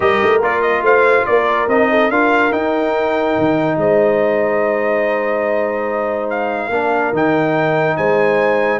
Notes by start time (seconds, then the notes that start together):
0.00 G3 G4 A#4 D#5
0.22 A3
0.41 A#3 F4 D5
0.61 D#5
0.81 A3 C5 F5
1.25 A#3 A#4 D5
1.67 C4 D#4 D#5
1.91 A4
2.09 D4 F4 A#4 F5
2.51 D#4 G5
3.38 D#3
3.76 G#3 C5 D#5
6.30 F5
6.69 A#3 D4 A#4
7.12 D#3 D#4 G5
7.96 G#3 C5 G#5